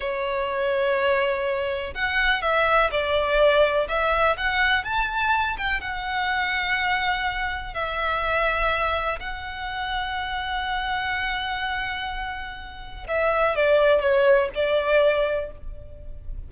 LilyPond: \new Staff \with { instrumentName = "violin" } { \time 4/4 \tempo 4 = 124 cis''1 | fis''4 e''4 d''2 | e''4 fis''4 a''4. g''8 | fis''1 |
e''2. fis''4~ | fis''1~ | fis''2. e''4 | d''4 cis''4 d''2 | }